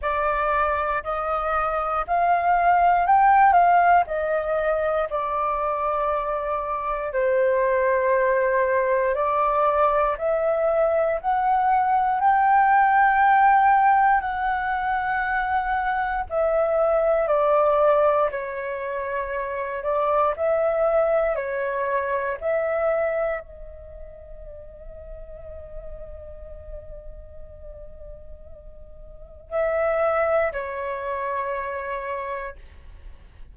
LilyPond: \new Staff \with { instrumentName = "flute" } { \time 4/4 \tempo 4 = 59 d''4 dis''4 f''4 g''8 f''8 | dis''4 d''2 c''4~ | c''4 d''4 e''4 fis''4 | g''2 fis''2 |
e''4 d''4 cis''4. d''8 | e''4 cis''4 e''4 dis''4~ | dis''1~ | dis''4 e''4 cis''2 | }